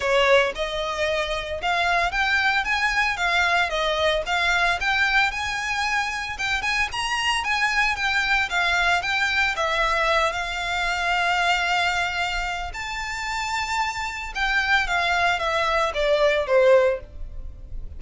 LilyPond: \new Staff \with { instrumentName = "violin" } { \time 4/4 \tempo 4 = 113 cis''4 dis''2 f''4 | g''4 gis''4 f''4 dis''4 | f''4 g''4 gis''2 | g''8 gis''8 ais''4 gis''4 g''4 |
f''4 g''4 e''4. f''8~ | f''1 | a''2. g''4 | f''4 e''4 d''4 c''4 | }